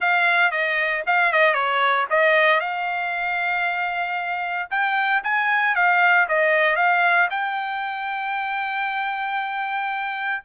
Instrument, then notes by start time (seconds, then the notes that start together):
trumpet
0.00 F5
0.51 D#5
1.06 F5
1.32 D#5
1.53 C#5
2.10 D#5
2.60 F5
4.70 G5
5.23 G#5
5.75 F5
6.28 D#5
6.76 F5
7.30 G5